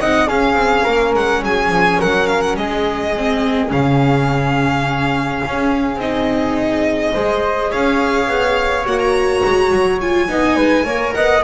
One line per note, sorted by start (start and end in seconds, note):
0.00 0.30 C4
0.00 0.28 D#4
0.00 0.27 D#5
0.00 0.29 F#5
0.27 3.13 C#4
0.27 0.54 C#4
0.27 0.84 G#4
0.27 1.14 F5
0.54 0.82 C4
0.84 1.14 A#3
0.84 1.41 A#4
1.14 1.42 G#3
1.14 1.44 F#5
1.42 1.69 F#3
1.42 1.99 G#4
1.42 2.01 G#5
1.69 1.98 F3
1.99 2.57 F#3
1.99 2.57 A#4
1.99 2.27 F#5
2.27 2.41 F5
2.41 2.56 F#5
2.57 3.71 G#3
2.57 7.13 G#4
2.57 3.71 D#5
3.17 3.69 C4
3.69 5.43 C#3
3.69 5.98 C#4
3.69 6.00 F5
5.47 5.96 C#4
5.96 7.10 C4
5.96 7.14 D#4
5.96 7.72 D#5
7.13 7.72 G#3
7.13 8.85 G#4
7.13 7.70 C5
7.70 8.28 C#4
7.70 10.27 C#5
7.70 8.86 F5
8.28 8.85 B3
8.85 9.42 A#3
8.85 10.00 F#4
8.85 8.99 F#5
8.99 9.99 A#5
9.44 9.72 G#3
9.72 10.29 F#3
10.01 10.28 F4
10.01 11.14 G#5
10.28 10.57 B3
10.28 10.84 D#4
10.28 10.56 D#5
10.56 10.85 G#3
10.56 10.85 B4
10.84 11.14 A#3
10.84 11.41 A#4
10.84 11.14 C#5
11.14 11.43 B3
11.14 11.43 D#5
11.14 11.43 F#5